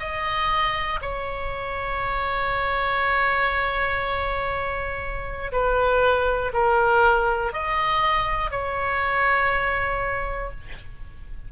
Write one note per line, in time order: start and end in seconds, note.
0.00 1.00 D#5
1.02 5.52 C#5
5.52 6.52 B4
6.53 7.53 A#4
7.53 8.50 D#5
8.50 10.50 C#5